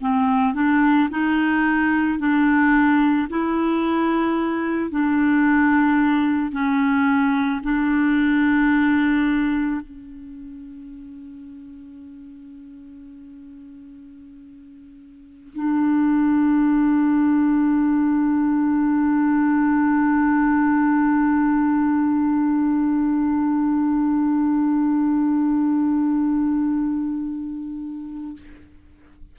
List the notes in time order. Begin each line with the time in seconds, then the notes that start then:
0.00 C4
0.54 D4
1.10 D#4
2.18 D4
3.29 E4
4.90 D4
6.52 C#4
7.63 D4
9.81 C#4
15.54 D4